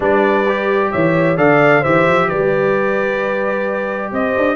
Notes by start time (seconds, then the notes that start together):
0.00 G3 D4 B4 D5
0.48 G4
0.91 E3 C#5 E5
1.36 D3 A4 D5 F5
1.80 E3 G4 C5 E5
2.07 F3
2.28 G3 B4 D5
4.12 C4 C5 D#5
4.37 D4